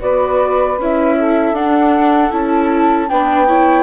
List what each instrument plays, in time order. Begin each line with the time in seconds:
0.00 bassoon B3, viola F#4, saxophone B4, flute D5
0.78 bassoon C#4, viola E4, flute E5
1.18 saxophone A4
1.53 bassoon D4, viola D4, flute F#5
2.31 bassoon C#4, viola E4, flute A5
3.09 bassoon B3, viola D4, saxophone B4, flute G5
3.47 viola E4, saxophone C#5